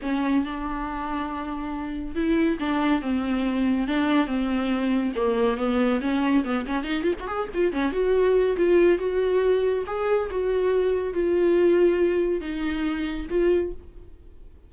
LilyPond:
\new Staff \with { instrumentName = "viola" } { \time 4/4 \tempo 4 = 140 cis'4 d'2.~ | d'4 e'4 d'4 c'4~ | c'4 d'4 c'2 | ais4 b4 cis'4 b8 cis'8 |
dis'8 f'16 fis'16 gis'8 f'8 cis'8 fis'4. | f'4 fis'2 gis'4 | fis'2 f'2~ | f'4 dis'2 f'4 | }